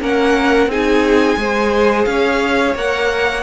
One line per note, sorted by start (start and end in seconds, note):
0.00 0.67 A#3
0.00 0.69 C#4
0.00 0.70 A#4
0.00 0.71 F#5
0.67 1.36 C4
0.67 1.37 D#4
0.67 1.39 G#4
0.67 2.05 G#5
1.37 2.06 G#3
1.37 2.75 G#4
1.37 2.08 C5
2.05 2.75 C#4
2.05 3.43 C#5
2.05 2.74 F5
2.75 3.43 A#3
2.75 3.43 A#4
2.75 3.43 F#5